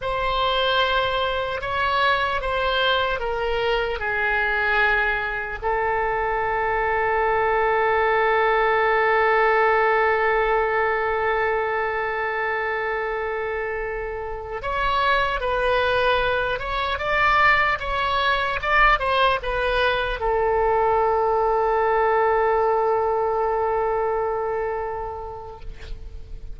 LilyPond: \new Staff \with { instrumentName = "oboe" } { \time 4/4 \tempo 4 = 75 c''2 cis''4 c''4 | ais'4 gis'2 a'4~ | a'1~ | a'1~ |
a'2~ a'16 cis''4 b'8.~ | b'8. cis''8 d''4 cis''4 d''8 c''16~ | c''16 b'4 a'2~ a'8.~ | a'1 | }